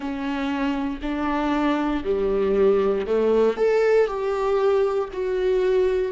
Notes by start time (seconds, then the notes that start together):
0.00 C#4
1.02 D4
2.04 G3
3.06 A3
3.56 A4
4.07 G4
5.13 F#4